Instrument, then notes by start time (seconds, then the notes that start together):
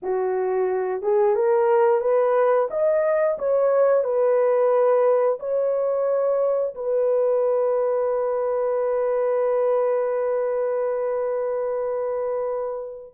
horn
0.02 F#4
1.01 G#4
1.35 A#4
2.00 B4
2.70 D#5
3.38 C#5
4.04 B4
5.39 C#5
6.74 B4